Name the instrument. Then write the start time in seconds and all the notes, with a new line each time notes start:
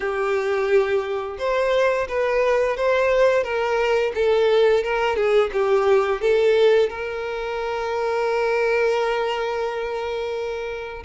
violin
0.00 G4
1.38 C5
2.08 B4
2.76 C5
3.43 A#4
4.14 A4
4.83 A#4
5.16 G#4
5.52 G4
6.21 A4
6.89 A#4